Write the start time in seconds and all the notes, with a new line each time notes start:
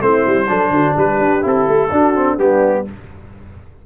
0.00 A3 C4 E4 C5
0.27 G3
0.49 F#3 D4 A4
0.71 D3 F#4
0.97 G3 G4 B4
1.19 D4
1.42 C4 E4 A4
1.68 A3
1.92 D4 F#4
2.15 C4
2.37 G3 B3 D4 G4